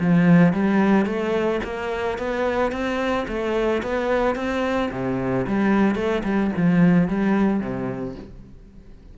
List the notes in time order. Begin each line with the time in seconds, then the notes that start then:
0.00 F3
0.53 G3
1.06 A3
1.64 A#3
2.18 B3
2.72 C4
3.28 A3
3.83 B3
4.36 C4
4.92 C3
5.47 G3
5.96 A3
6.24 G3
6.56 F3
7.08 G3
7.60 C3